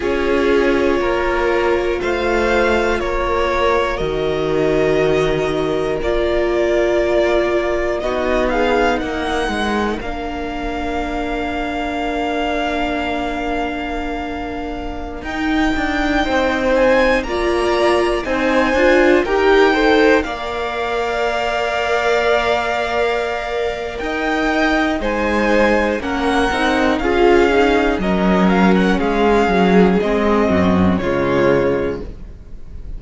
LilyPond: <<
  \new Staff \with { instrumentName = "violin" } { \time 4/4 \tempo 4 = 60 cis''2 f''4 cis''4 | dis''2 d''2 | dis''8 f''8 fis''4 f''2~ | f''2.~ f''16 g''8.~ |
g''8. gis''8 ais''4 gis''4 g''8.~ | g''16 f''2.~ f''8. | g''4 gis''4 fis''4 f''4 | dis''8 f''16 fis''16 f''4 dis''4 cis''4 | }
  \new Staff \with { instrumentName = "violin" } { \time 4/4 gis'4 ais'4 c''4 ais'4~ | ais'1 | fis'8 gis'8 ais'2.~ | ais'1~ |
ais'16 c''4 d''4 c''4 ais'8 c''16~ | c''16 d''2.~ d''8. | dis''4 c''4 ais'4 gis'4 | ais'4 gis'4. fis'8 f'4 | }
  \new Staff \with { instrumentName = "viola" } { \time 4/4 f'1 | fis'2 f'2 | dis'2 d'2~ | d'2.~ d'16 dis'8.~ |
dis'4~ dis'16 f'4 dis'8 f'8 g'8 a'16~ | a'16 ais'2.~ ais'8.~ | ais'4 dis'4 cis'8 dis'8 f'8 dis'8 | cis'2 c'4 gis4 | }
  \new Staff \with { instrumentName = "cello" } { \time 4/4 cis'4 ais4 a4 ais4 | dis2 ais2 | b4 ais8 gis8 ais2~ | ais2.~ ais16 dis'8 d'16~ |
d'16 c'4 ais4 c'8 d'8 dis'8.~ | dis'16 ais2.~ ais8. | dis'4 gis4 ais8 c'8 cis'4 | fis4 gis8 fis8 gis8 fis,8 cis4 | }
>>